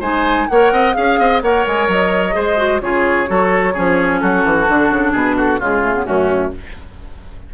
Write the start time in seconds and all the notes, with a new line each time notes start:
0.00 G#3 D#4 C5 G#5
0.49 A#3 A#4 C#5 F#5
0.72 C4 D#5
0.94 C#4 G#4 F5
1.19 C4 D#5
1.42 A#3 A#4 C#5 F#5
1.67 G#3 G#5
1.88 F#3 D#5
2.33 G#3 G#4 C5
2.57 F#4
2.81 C#3 F4 G#4 C#5
3.27 F#3 F#4 A4
3.74 F3 C#4 G#4
4.20 F#3 F#4 A4
4.44 E3
4.69 D3 D4
4.90 C#3
5.12 B2 G#4 B4
5.37 F#4 A4
5.60 C#3 G#3 F4 G#4
5.83 A3
5.95 B3
6.05 F#2 A3 C#4 F#4